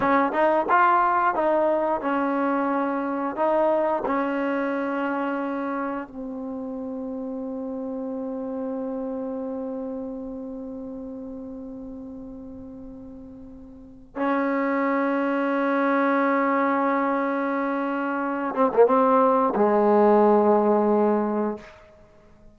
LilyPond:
\new Staff \with { instrumentName = "trombone" } { \time 4/4 \tempo 4 = 89 cis'8 dis'8 f'4 dis'4 cis'4~ | cis'4 dis'4 cis'2~ | cis'4 c'2.~ | c'1~ |
c'1~ | c'4 cis'2.~ | cis'2.~ cis'8 c'16 ais16 | c'4 gis2. | }